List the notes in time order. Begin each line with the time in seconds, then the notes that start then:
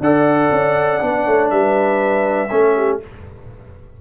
0.00 D4 A4 D5 F#5
0.52 C#4
1.00 B3 D4
1.25 A3 C#5
1.50 G3 B4 E5
2.51 A3 C#4 A4
2.76 G4